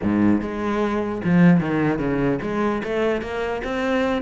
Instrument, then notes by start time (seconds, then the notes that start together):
cello
0.02 G#2
0.41 G#3
1.24 F3
1.60 D#3
1.99 C#3
2.42 G#3
2.83 A3
3.21 A#3
3.64 C4